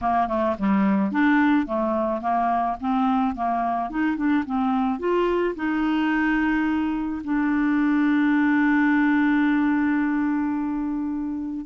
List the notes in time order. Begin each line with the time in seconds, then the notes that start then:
0.01 A#3
0.28 A3
0.58 G3
1.11 D4
1.66 A3
2.21 A#3
2.80 C4
3.35 A#3
3.90 D#4
4.16 D4
4.45 C4
4.99 F4
5.55 D#4
7.24 D4